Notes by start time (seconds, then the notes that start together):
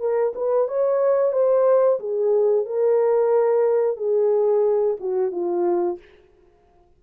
0.00 A#4
0.35 B4
0.68 C#5
1.32 C5
1.99 G#4
2.65 A#4
3.97 G#4
5.00 F#4
5.32 F4